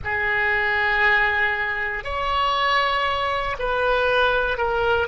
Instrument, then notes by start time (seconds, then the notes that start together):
oboe
0.04 G#4
2.03 C#5
3.58 B4
4.57 A#4